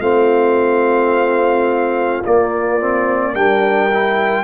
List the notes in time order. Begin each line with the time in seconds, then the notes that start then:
0.00 A3 C4 F4 F5
2.24 A#3 D5
2.80 C4
3.33 G3 D4 A#4 G5
3.93 E4